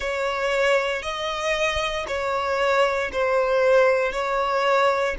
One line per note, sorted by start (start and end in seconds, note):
0.00 1.02 C#5
1.02 2.05 D#5
2.07 3.10 C#5
3.12 4.12 C5
4.12 5.15 C#5